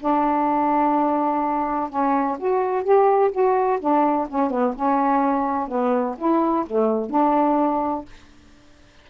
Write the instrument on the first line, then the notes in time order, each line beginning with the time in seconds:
saxophone
0.00 D4
1.89 C#4
2.39 F#4
2.84 G4
3.32 F#4
3.80 D4
4.29 C#4
4.50 B3
4.76 C#4
5.68 B3
6.18 E4
6.66 A3
7.10 D4